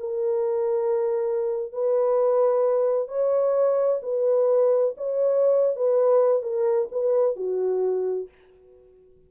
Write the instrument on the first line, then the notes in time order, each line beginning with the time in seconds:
horn
0.00 A#4
1.73 B4
3.08 C#5
4.03 B4
4.97 C#5
5.76 B4
6.43 A#4
6.92 B4
7.37 F#4